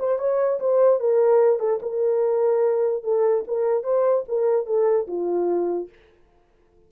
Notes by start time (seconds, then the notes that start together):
0.00 C5
0.19 C#5
0.60 C5
1.00 A#4
1.60 A4
1.83 A#4
3.04 A4
3.48 A#4
3.84 C5
4.29 A#4
4.67 A4
5.08 F4